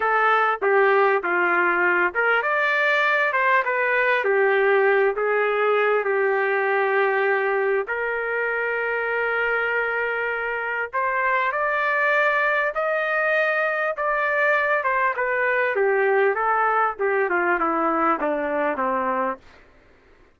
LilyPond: \new Staff \with { instrumentName = "trumpet" } { \time 4/4 \tempo 4 = 99 a'4 g'4 f'4. ais'8 | d''4. c''8 b'4 g'4~ | g'8 gis'4. g'2~ | g'4 ais'2.~ |
ais'2 c''4 d''4~ | d''4 dis''2 d''4~ | d''8 c''8 b'4 g'4 a'4 | g'8 f'8 e'4 d'4 c'4 | }